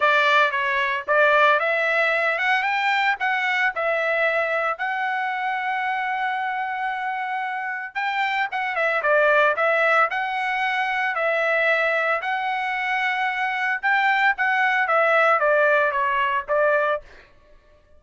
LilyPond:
\new Staff \with { instrumentName = "trumpet" } { \time 4/4 \tempo 4 = 113 d''4 cis''4 d''4 e''4~ | e''8 fis''8 g''4 fis''4 e''4~ | e''4 fis''2.~ | fis''2. g''4 |
fis''8 e''8 d''4 e''4 fis''4~ | fis''4 e''2 fis''4~ | fis''2 g''4 fis''4 | e''4 d''4 cis''4 d''4 | }